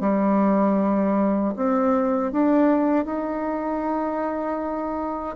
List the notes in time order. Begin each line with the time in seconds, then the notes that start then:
0.00 G3
1.56 C4
2.32 D4
3.05 D#4